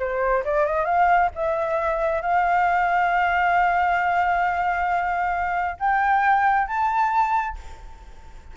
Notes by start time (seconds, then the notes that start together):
0.00 C5
0.45 D5
0.66 D#5
0.86 F5
1.36 E5
2.22 F5
5.80 G5
6.68 A5